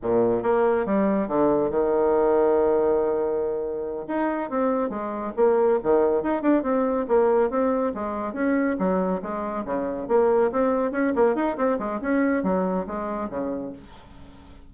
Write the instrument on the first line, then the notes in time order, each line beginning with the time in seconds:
bassoon
0.02 A#2
0.42 A#3
0.85 G3
1.28 D3
1.70 D#3
4.07 D#4
4.50 C4
4.89 G#3
5.36 A#3
5.83 D#3
6.22 D#4
6.41 D4
6.63 C4
7.08 A#3
7.50 C4
7.94 G#3
8.33 C#4
8.78 F#3
9.21 G#3
9.65 C#3
10.08 A#3
10.51 C4
10.91 C#4
11.15 A#3
11.35 D#4
11.57 C4
11.79 G#3
12.01 C#4
12.43 F#3
12.86 G#3
13.29 C#3